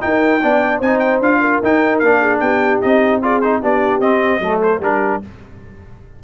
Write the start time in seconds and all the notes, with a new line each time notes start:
0.00 D#4 A#4 G5
0.42 B3 D4 D5
0.79 C4 D#4 C5 G#5
0.99 G5
1.20 D4 F4 F5
1.40 A#4
1.62 D#4 G5
1.99 A#3 D4 F5
2.20 G#4
2.40 B3 G4 G5
2.81 C4 D#4 D#5
3.22 F4 G#4 D5
3.41 D#4 C5
3.60 B3 D4 G4 D5
4.00 C4 D#5
4.39 F#3 A3 A4
4.62 C5
4.79 G3 D4 G4 A#4